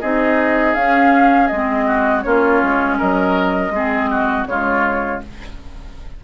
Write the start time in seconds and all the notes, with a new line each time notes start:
0.00 C4 D#4 G#4 D#5
0.74 C#4 F5
1.47 G#3 C4 D#5
1.86 F#4
2.22 A#3 C#4 F4 C#5
2.63 G#3
2.98 F#3 A#4 D#5
3.70 G#3 C4 G#4
4.10 F#4
4.47 C#3 G#3 F4 C#5